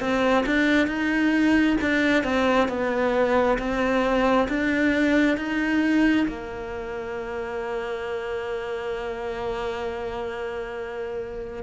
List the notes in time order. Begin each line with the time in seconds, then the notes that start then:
0.00 C4
0.46 D4
0.87 D#4
1.81 D4
2.23 C4
2.68 B3
3.58 C4
4.48 D4
5.37 D#4
6.28 A#3